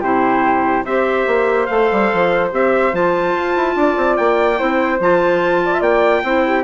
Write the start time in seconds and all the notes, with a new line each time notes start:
0.00 C3 E4 G4 C5
0.84 C4 G4 C5 E5
1.26 A#3
1.66 A3 A4 F5
1.91 G3
2.13 F3
2.51 C4 G4 E5
2.92 F3 F4 A5
3.34 F4
3.56 E4
3.75 D4 D5
3.96 C4
4.16 A#3 G5
4.57 C4 E4 C5
4.99 F3 F4 A5
5.65 D5
5.73 E5
5.80 A#3 D5 G5
6.23 C4 E4 C5
6.46 G4